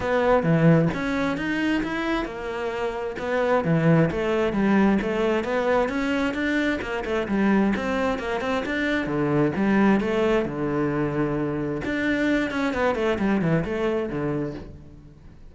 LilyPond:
\new Staff \with { instrumentName = "cello" } { \time 4/4 \tempo 4 = 132 b4 e4 cis'4 dis'4 | e'4 ais2 b4 | e4 a4 g4 a4 | b4 cis'4 d'4 ais8 a8 |
g4 c'4 ais8 c'8 d'4 | d4 g4 a4 d4~ | d2 d'4. cis'8 | b8 a8 g8 e8 a4 d4 | }